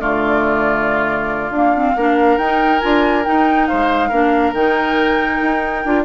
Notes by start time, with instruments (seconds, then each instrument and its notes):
0.00 bassoon D3, clarinet A3, oboe F4, flute D5
1.50 clarinet A#3, bassoon D4, flute F5
1.75 clarinet C4
1.96 bassoon A#3, clarinet D4, oboe A#4
2.38 bassoon D#4, clarinet D#4, flute G5
2.80 bassoon D4, clarinet F4, flute G#5
3.24 clarinet D#4, bassoon D#4, flute G5
3.67 bassoon G#3, oboe C5, flute F5
4.09 bassoon A#3, clarinet D4, oboe A#4
4.53 bassoon D#3, clarinet D#4, flute G5
5.42 bassoon D#4
5.85 bassoon D4, clarinet F4